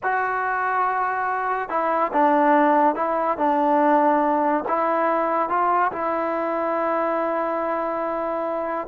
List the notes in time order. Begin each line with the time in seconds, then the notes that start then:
0.03 F#4
1.69 E4
2.12 D4
2.95 E4
3.37 D4
4.68 E4
5.49 F4
5.92 E4